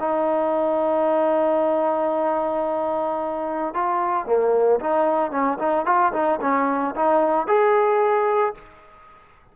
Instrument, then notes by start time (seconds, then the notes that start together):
trombone
0.00 D#4
3.74 F4
4.26 A#3
4.80 D#4
5.32 C#4
5.59 D#4
5.86 F4
6.13 D#4
6.41 C#4
6.96 D#4
7.47 G#4